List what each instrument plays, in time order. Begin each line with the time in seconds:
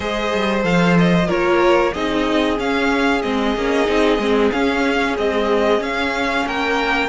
0.00 cello G#3, viola G#4, violin C5 D#5
0.33 cello G3
0.61 cello F3, viola A4, violin F5
0.98 violin D#5
1.27 cello A#3, viola F4, violin A#4 C#5
1.93 cello C4, viola D#4, violin G#4 D#5
2.57 viola C#4, cello C#4, violin F5
3.22 cello G#3, viola C4, violin D#5
3.56 cello A#3, viola C#4
3.85 cello C4, viola D#4
4.18 cello G#3, viola C4
4.51 viola C#4, cello C#4, violin F5
5.17 viola G#3, cello C4, violin D#5
5.78 viola C#4, cello C#4, violin F5
6.46 cello A#3, violin A#4 G5